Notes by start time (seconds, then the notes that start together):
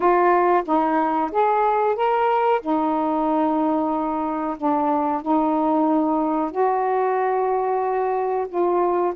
0.00 F4
0.65 D#4
1.31 G#4
1.95 A#4
2.61 D#4
4.57 D4
5.21 D#4
6.51 F#4
8.48 F4